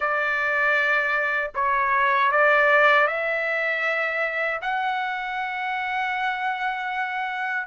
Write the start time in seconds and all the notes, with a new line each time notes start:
0.00 D5
1.55 C#5
2.31 D5
3.07 E5
4.62 F#5